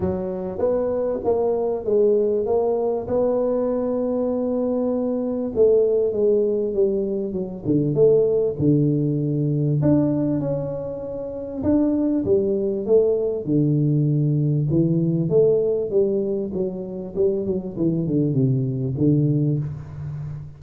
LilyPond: \new Staff \with { instrumentName = "tuba" } { \time 4/4 \tempo 4 = 98 fis4 b4 ais4 gis4 | ais4 b2.~ | b4 a4 gis4 g4 | fis8 d8 a4 d2 |
d'4 cis'2 d'4 | g4 a4 d2 | e4 a4 g4 fis4 | g8 fis8 e8 d8 c4 d4 | }